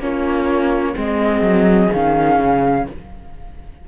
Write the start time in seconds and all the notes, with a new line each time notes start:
0.00 A#3 C#4 F4 C#5
0.94 G#3 C4 G#4 D#5
1.42 F#3
1.93 D#3 C#4 F5
2.39 C#3